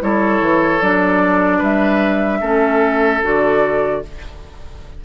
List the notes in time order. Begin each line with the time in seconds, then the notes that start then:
0.00 G3 E4 A4 C#5
0.40 E3
0.81 F#3 D4 D5
1.58 G3 B4 E5
2.40 A3 C#4 A4
3.22 D3 F#4 D5